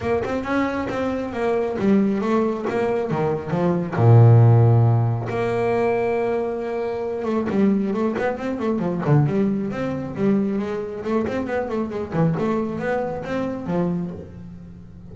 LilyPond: \new Staff \with { instrumentName = "double bass" } { \time 4/4 \tempo 4 = 136 ais8 c'8 cis'4 c'4 ais4 | g4 a4 ais4 dis4 | f4 ais,2. | ais1~ |
ais8 a8 g4 a8 b8 c'8 a8 | f8 d8 g4 c'4 g4 | gis4 a8 c'8 b8 a8 gis8 e8 | a4 b4 c'4 f4 | }